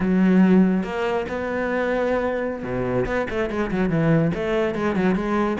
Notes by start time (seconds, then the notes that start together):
0.00 F#3
0.83 A#3
1.28 B3
2.63 B2
3.06 B3
3.30 A3
3.50 G#3
3.71 F#3
3.89 E3
4.34 A3
4.74 G#3
4.95 F#3
5.15 G#3